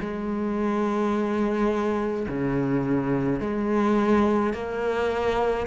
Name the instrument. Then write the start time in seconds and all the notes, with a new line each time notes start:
cello
0.00 G#3
2.28 C#3
3.40 G#3
4.53 A#3